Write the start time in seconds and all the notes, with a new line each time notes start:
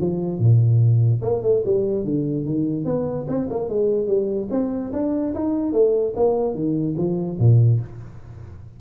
0.00 F3
0.39 A#2
1.22 A#3
1.43 A3
1.65 G3
2.04 D3
2.45 D#3
2.85 B3
3.28 C4
3.50 A#3
3.69 G#3
4.07 G3
4.51 C4
4.93 D4
5.34 D#4
5.73 A3
6.16 A#3
6.54 D#3
6.97 F3
7.39 A#2